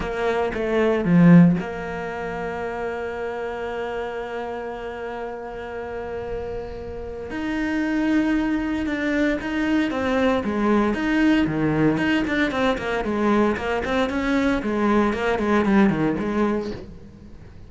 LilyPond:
\new Staff \with { instrumentName = "cello" } { \time 4/4 \tempo 4 = 115 ais4 a4 f4 ais4~ | ais1~ | ais1~ | ais2 dis'2~ |
dis'4 d'4 dis'4 c'4 | gis4 dis'4 dis4 dis'8 d'8 | c'8 ais8 gis4 ais8 c'8 cis'4 | gis4 ais8 gis8 g8 dis8 gis4 | }